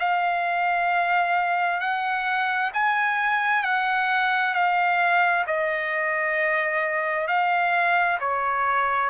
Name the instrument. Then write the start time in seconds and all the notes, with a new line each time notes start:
trumpet
0.00 F5
1.81 F#5
2.74 G#5
3.64 F#5
4.54 F5
5.47 D#5
7.28 F5
8.21 C#5